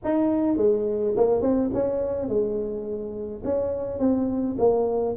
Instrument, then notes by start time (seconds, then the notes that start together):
tuba
0.04 D#4
0.56 G#3
1.16 A#3
1.41 C4
1.73 C#4
2.28 G#3
3.44 C#4
3.99 C4
4.58 A#3